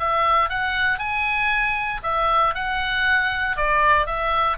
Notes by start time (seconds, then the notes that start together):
0.00 E5
0.50 F#5
0.99 G#5
2.04 E5
2.55 F#5
3.57 D5
4.07 E5